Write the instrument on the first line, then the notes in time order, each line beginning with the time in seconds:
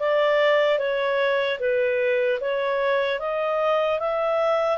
clarinet
0.00 D5
0.79 C#5
1.60 B4
2.41 C#5
3.20 D#5
4.00 E5